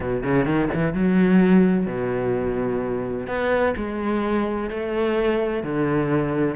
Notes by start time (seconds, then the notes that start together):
0.00 B2
0.23 C#3
0.45 D#3
0.74 E3
0.93 F#3
1.86 B2
3.27 B3
3.76 G#3
4.70 A3
5.63 D3